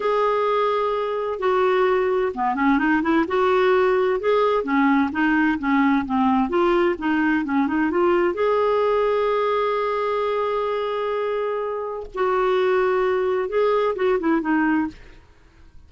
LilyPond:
\new Staff \with { instrumentName = "clarinet" } { \time 4/4 \tempo 4 = 129 gis'2. fis'4~ | fis'4 b8 cis'8 dis'8 e'8 fis'4~ | fis'4 gis'4 cis'4 dis'4 | cis'4 c'4 f'4 dis'4 |
cis'8 dis'8 f'4 gis'2~ | gis'1~ | gis'2 fis'2~ | fis'4 gis'4 fis'8 e'8 dis'4 | }